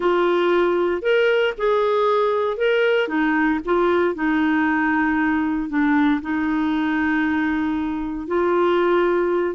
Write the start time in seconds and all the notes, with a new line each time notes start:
0.00 F4
1.01 A#4
1.57 G#4
2.57 A#4
3.08 D#4
3.65 F4
4.14 D#4
5.69 D4
6.21 D#4
8.27 F4